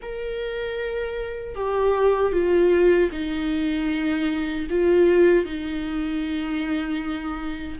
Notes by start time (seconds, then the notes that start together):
0.01 A#4
1.55 G4
2.32 F4
3.11 D#4
4.70 F4
5.45 D#4